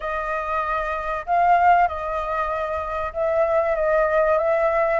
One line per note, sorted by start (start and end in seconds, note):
0.00 1.25 D#5
1.26 1.88 F5
1.88 3.12 D#5
3.12 3.75 E5
3.75 4.38 D#5
4.38 4.99 E5